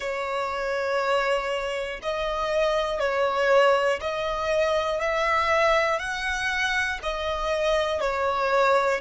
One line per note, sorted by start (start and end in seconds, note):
0.00 2.00 C#5
2.02 2.99 D#5
2.99 3.99 C#5
4.00 5.00 D#5
5.00 5.99 E5
5.99 6.99 F#5
7.03 8.00 D#5
8.00 9.00 C#5